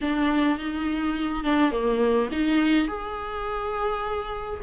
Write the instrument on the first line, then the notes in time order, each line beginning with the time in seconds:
viola
0.01 D4
0.58 D#4
1.43 D4
1.71 A#3
2.31 D#4
2.87 G#4